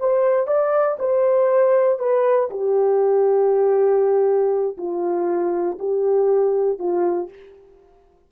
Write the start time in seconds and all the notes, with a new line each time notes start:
0.00 C5
0.47 D5
0.99 C5
1.99 B4
2.50 G4
4.78 F4
5.79 G4
6.80 F4